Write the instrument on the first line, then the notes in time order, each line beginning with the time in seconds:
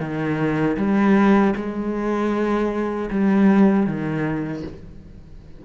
cello
0.00 D#3
0.77 G3
1.56 G#3
3.10 G3
3.87 D#3